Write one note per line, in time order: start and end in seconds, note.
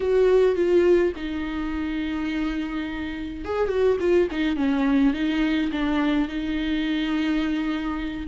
0.00 0.55 F#4
0.55 1.12 F4
1.16 3.44 D#4
3.44 3.68 G#4
3.68 3.97 F#4
3.99 4.28 F4
4.31 4.56 D#4
4.56 5.13 C#4
5.13 5.70 D#4
5.71 6.28 D4
6.28 8.27 D#4